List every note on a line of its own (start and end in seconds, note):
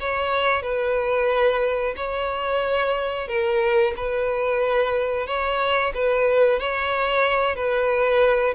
0.00 0.62 C#5
0.62 1.94 B4
1.96 3.28 C#5
3.28 3.94 A#4
3.97 5.27 B4
5.27 5.93 C#5
5.94 6.60 B4
6.60 7.56 C#5
7.56 8.54 B4